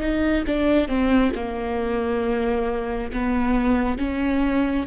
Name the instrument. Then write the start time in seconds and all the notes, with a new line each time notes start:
viola
0.00 D#4
0.47 D4
0.88 C4
1.35 A#3
3.12 B3
3.98 C#4